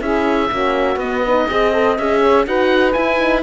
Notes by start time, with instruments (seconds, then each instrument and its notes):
0.00 cello C#4, horn E4, saxophone G#4, oboe E5
0.49 cello A#3, horn C#4, saxophone F#4
0.96 cello B3, horn B3, oboe D#5
1.23 horn D#4, saxophone B4
1.48 cello C4, horn G#4, saxophone D#5
1.73 horn A4
1.97 cello C#4, horn G#4, oboe E5
2.20 saxophone C#5
2.46 cello D#4, horn F#4, saxophone B4, oboe F#5
2.92 horn E4, cello E4, oboe G#5
3.18 horn D#4